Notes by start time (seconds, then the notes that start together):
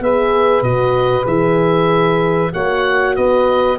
0.00 B3 G#4 B4 E5
0.62 B2 F#4 D#5
1.24 E3 G#4 E5
2.53 A#3 F#4 C#5 F#5
3.16 B3 B4 D#5